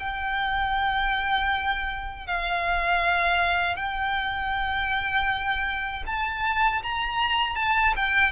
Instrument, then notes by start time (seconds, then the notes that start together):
violin
0.00 G5
2.27 F5
3.76 G5
6.07 A5
6.83 A#5
7.56 A5
7.96 G5